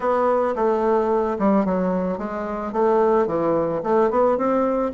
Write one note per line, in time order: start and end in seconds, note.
0.00 0.55 B3
0.55 1.37 A3
1.38 1.65 G3
1.65 2.18 F#3
2.18 2.72 G#3
2.72 3.27 A3
3.27 3.81 E3
3.83 4.10 A3
4.10 4.37 B3
4.37 4.92 C4